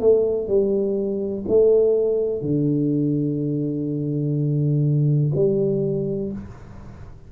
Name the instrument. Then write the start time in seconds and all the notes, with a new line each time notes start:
tuba
0.00 A3
0.48 G3
1.48 A3
2.41 D3
5.35 G3